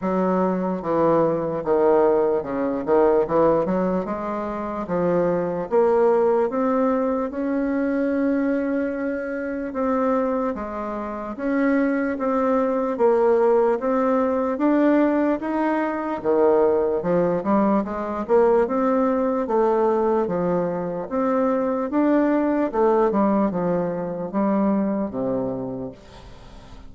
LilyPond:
\new Staff \with { instrumentName = "bassoon" } { \time 4/4 \tempo 4 = 74 fis4 e4 dis4 cis8 dis8 | e8 fis8 gis4 f4 ais4 | c'4 cis'2. | c'4 gis4 cis'4 c'4 |
ais4 c'4 d'4 dis'4 | dis4 f8 g8 gis8 ais8 c'4 | a4 f4 c'4 d'4 | a8 g8 f4 g4 c4 | }